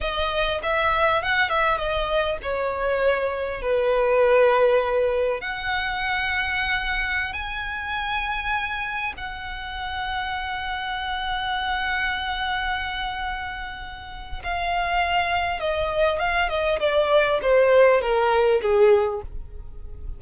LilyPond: \new Staff \with { instrumentName = "violin" } { \time 4/4 \tempo 4 = 100 dis''4 e''4 fis''8 e''8 dis''4 | cis''2 b'2~ | b'4 fis''2.~ | fis''16 gis''2. fis''8.~ |
fis''1~ | fis''1 | f''2 dis''4 f''8 dis''8 | d''4 c''4 ais'4 gis'4 | }